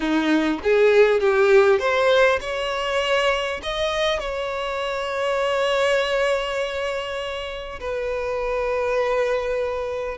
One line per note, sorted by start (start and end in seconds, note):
0.00 0.59 D#4
0.63 1.20 G#4
1.20 1.79 G4
1.79 2.39 C5
2.41 3.61 C#5
3.62 4.19 D#5
4.19 7.79 C#5
7.79 10.18 B4